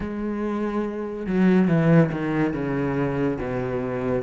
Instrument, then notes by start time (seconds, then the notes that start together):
cello
0.00 G#3
1.26 F#3
1.68 E3
2.11 D#3
2.53 C#3
3.40 B2